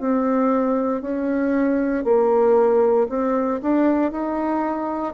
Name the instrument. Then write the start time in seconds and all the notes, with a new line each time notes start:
bassoon
0.00 C4
1.02 C#4
2.04 A#3
3.09 C4
3.62 D4
4.11 D#4